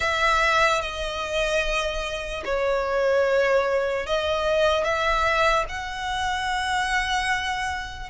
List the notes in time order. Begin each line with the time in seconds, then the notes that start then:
0.00 E5
0.81 D#5
2.45 C#5
4.06 D#5
4.84 E5
5.68 F#5